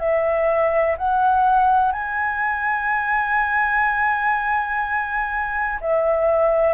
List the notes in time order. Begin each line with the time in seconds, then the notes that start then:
0.00 E5
0.98 F#5
1.92 G#5
5.82 E5